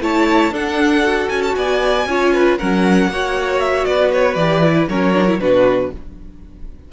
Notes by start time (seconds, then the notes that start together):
0.00 A3 E4 C#5 A5
0.50 D4 A4 F#5
1.04 F#4
1.29 C#4 G#5
1.43 A5
1.55 B3 D5 G#5
2.06 C#4 F4 C#5
2.33 B4
2.58 F#3 C#4 A#4 F#5
3.08 A#3 F#4 C#5
3.59 E5
3.85 B3 B4 D5
4.12 C#5
4.35 E3 G4 D5
4.63 E4
4.88 F#3 C#4 A#4 C#5
5.14 D4
5.27 E4
5.39 B2 D4 F#4 B4